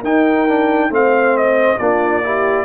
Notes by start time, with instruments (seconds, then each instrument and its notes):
0.00 tuba D#4, trombone D#4, horn A#4, trumpet G5
0.48 trombone D4
0.90 tuba A3, trombone C4, horn C5, trumpet F5
1.37 trumpet D#5
1.78 tuba A#3, trombone D4, horn F4, trumpet D5
2.23 trombone E4, horn G4